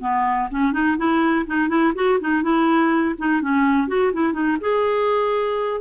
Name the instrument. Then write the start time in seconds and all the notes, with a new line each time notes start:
clarinet
0.00 B3
0.51 C#4
0.72 D#4
0.97 E4
1.46 D#4
1.68 E4
1.95 F#4
2.20 D#4
2.42 E4
3.18 D#4
3.41 C#4
3.88 F#4
4.13 E4
4.32 D#4
4.60 G#4